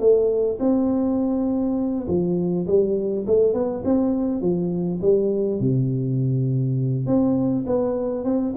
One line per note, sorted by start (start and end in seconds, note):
0.00 0.59 A3
0.60 2.07 C4
2.08 2.67 F3
2.67 3.26 G3
3.27 3.54 A3
3.54 3.83 B3
3.85 4.41 C4
4.41 5.00 F3
5.02 5.60 G3
5.60 7.07 C3
7.07 7.66 C4
7.67 8.25 B3
8.25 8.54 C4